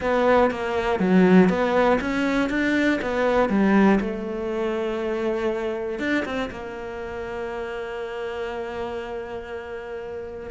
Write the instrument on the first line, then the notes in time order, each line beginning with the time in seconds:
cello
0.00 B3
0.50 A#3
0.99 F#3
1.49 B3
2.00 C#4
2.49 D4
3.01 B3
3.49 G3
4.00 A3
5.99 D4
6.25 C4
6.50 A#3